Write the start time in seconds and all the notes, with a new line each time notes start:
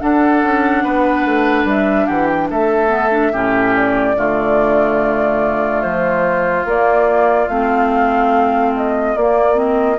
0.00 D4 A4 F#5
0.44 C#4
0.84 B3 B4
1.25 A3
1.65 G3 E5
2.06 E3 G4 F#5
2.28 G5
2.50 A3 A4 E5
2.88 B3
3.11 D4
3.33 A2 C#4 G4
3.76 D5
4.16 D3 A3 F4
5.82 F3 C5
6.65 A#3 D5
7.48 A3 C4 F5
8.76 D#5
9.16 A#3 D5
9.54 C4 D#5